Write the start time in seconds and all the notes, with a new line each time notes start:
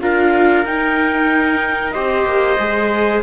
0.00 D4 F4 A#4 F5
0.65 D#4 G5
1.91 C4 G4 C5 D#5
2.24 A#3
2.58 G#3 G#4